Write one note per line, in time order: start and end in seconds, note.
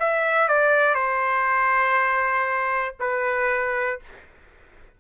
0.00 0.48 E5
0.48 0.95 D5
0.95 2.95 C5
3.00 4.00 B4